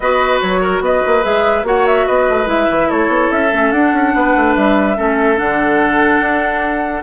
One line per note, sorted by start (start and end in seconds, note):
0.00 0.41 B3
0.00 1.22 F#4
0.00 0.61 B4
0.00 0.40 D#5
0.40 0.80 F#3
0.40 0.82 C#5
0.61 0.82 A#4
0.80 1.01 B3
0.80 1.66 B4
0.80 1.24 D#5
1.06 1.24 A#3
1.22 1.63 G#3
1.22 1.64 G#4
1.22 1.65 E5
1.63 2.04 A#3
1.63 2.45 F#4
1.63 2.06 C#5
1.63 1.86 F#5
1.86 2.06 E5
2.06 2.29 B3
2.06 2.88 B4
2.06 2.48 D#5
2.29 2.46 A3
2.45 2.67 G#3
2.45 3.48 E4
2.45 2.90 E5
2.70 2.90 E3
2.88 3.08 A3
2.88 4.12 A4
2.88 3.31 C#5
3.08 3.28 B3
3.31 3.52 C#4
3.31 3.71 E5
3.52 3.72 A3
3.52 3.73 C#4
3.71 3.92 D4
3.71 4.96 D4
3.71 4.54 F#5
3.92 4.13 C#4
4.14 4.35 B3
4.14 4.96 B4
4.36 4.56 A3
4.55 4.97 G3
4.55 5.38 E5
4.96 5.39 A3
4.96 5.36 C#4
4.96 7.03 A4
5.36 6.20 D3
5.36 7.01 D4
5.36 7.03 F#5
6.20 7.02 D4